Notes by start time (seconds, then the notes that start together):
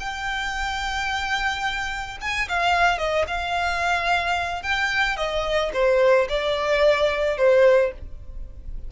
0.00 G5
2.21 G#5
2.49 F5
2.98 D#5
3.28 F5
4.63 G5
5.17 D#5
5.73 C5
6.29 D5
7.37 C5